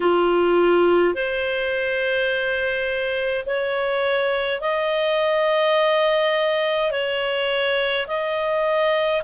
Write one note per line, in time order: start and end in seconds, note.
0.00 1.14 F4
1.14 3.45 C5
3.46 4.60 C#5
4.60 6.91 D#5
6.91 8.06 C#5
8.07 9.22 D#5